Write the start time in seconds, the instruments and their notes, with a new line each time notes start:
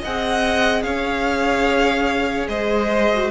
0.00 viola G#4, violin D#5 F#5
0.07 cello C4
0.83 cello C#4, violin C#5 F5
2.48 cello G#3, violin C5 D#5
3.13 viola F#4